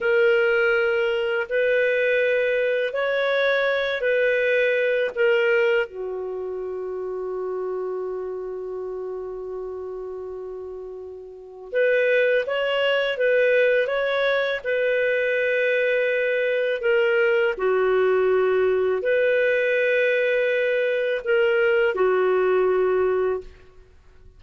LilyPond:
\new Staff \with { instrumentName = "clarinet" } { \time 4/4 \tempo 4 = 82 ais'2 b'2 | cis''4. b'4. ais'4 | fis'1~ | fis'1 |
b'4 cis''4 b'4 cis''4 | b'2. ais'4 | fis'2 b'2~ | b'4 ais'4 fis'2 | }